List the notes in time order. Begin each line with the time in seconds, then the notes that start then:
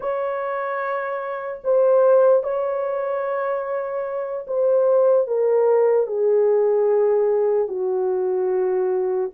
0.00 C#5
1.64 C5
2.43 C#5
4.47 C5
5.27 A#4
6.06 G#4
7.68 F#4